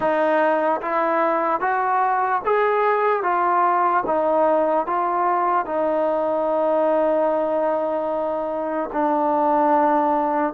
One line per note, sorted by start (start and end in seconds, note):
0.00 0.80 D#4
0.81 1.60 E4
1.60 2.41 F#4
2.45 3.22 G#4
3.22 4.03 F4
4.06 4.86 D#4
4.86 5.65 F4
5.65 8.90 D#4
8.93 10.53 D4